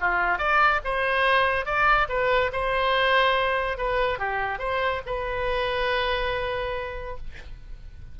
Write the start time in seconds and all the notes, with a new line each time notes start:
0.00 F4
0.38 D5
0.84 C5
1.65 D5
2.09 B4
2.52 C5
3.77 B4
4.18 G4
4.59 C5
5.06 B4